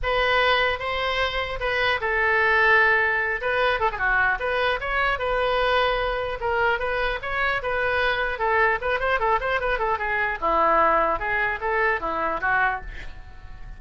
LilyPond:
\new Staff \with { instrumentName = "oboe" } { \time 4/4 \tempo 4 = 150 b'2 c''2 | b'4 a'2.~ | a'8 b'4 a'16 gis'16 fis'4 b'4 | cis''4 b'2. |
ais'4 b'4 cis''4 b'4~ | b'4 a'4 b'8 c''8 a'8 c''8 | b'8 a'8 gis'4 e'2 | gis'4 a'4 e'4 fis'4 | }